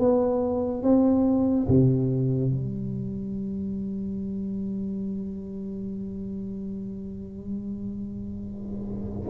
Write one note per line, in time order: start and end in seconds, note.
0.00 0.83 B3
0.83 1.68 C4
1.69 2.52 C3
2.52 9.28 G3